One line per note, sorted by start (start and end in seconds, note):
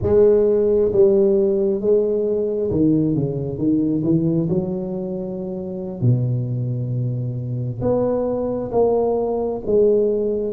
0.02 0.92 G#3
0.92 1.80 G3
1.80 2.70 G#3
2.71 3.15 D#3
3.15 3.58 C#3
3.58 4.03 D#3
4.03 4.48 E3
4.49 6.01 F#3
6.01 7.80 B2
7.81 8.71 B3
8.71 9.61 A#3
9.66 10.53 G#3